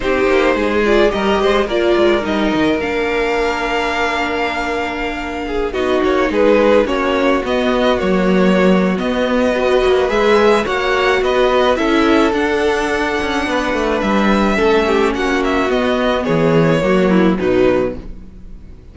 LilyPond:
<<
  \new Staff \with { instrumentName = "violin" } { \time 4/4 \tempo 4 = 107 c''4. d''8 dis''4 d''4 | dis''4 f''2.~ | f''2~ f''16 dis''8 cis''8 b'8.~ | b'16 cis''4 dis''4 cis''4.~ cis''16 |
dis''2 e''4 fis''4 | dis''4 e''4 fis''2~ | fis''4 e''2 fis''8 e''8 | dis''4 cis''2 b'4 | }
  \new Staff \with { instrumentName = "violin" } { \time 4/4 g'4 gis'4 ais'8 c''8 ais'4~ | ais'1~ | ais'4.~ ais'16 gis'8 fis'4 gis'8.~ | gis'16 fis'2.~ fis'8.~ |
fis'4 b'2 cis''4 | b'4 a'2. | b'2 a'8 g'8 fis'4~ | fis'4 gis'4 fis'8 e'8 dis'4 | }
  \new Staff \with { instrumentName = "viola" } { \time 4/4 dis'4. f'8 g'4 f'4 | dis'4 d'2.~ | d'2~ d'16 dis'4.~ dis'16~ | dis'16 cis'4 b4 ais4.~ ais16 |
b4 fis'4 gis'4 fis'4~ | fis'4 e'4 d'2~ | d'2 cis'2 | b2 ais4 fis4 | }
  \new Staff \with { instrumentName = "cello" } { \time 4/4 c'8 ais8 gis4 g8 gis8 ais8 gis8 | g8 dis8 ais2.~ | ais2~ ais16 b8 ais8 gis8.~ | gis16 ais4 b4 fis4.~ fis16 |
b4. ais8 gis4 ais4 | b4 cis'4 d'4. cis'8 | b8 a8 g4 a4 ais4 | b4 e4 fis4 b,4 | }
>>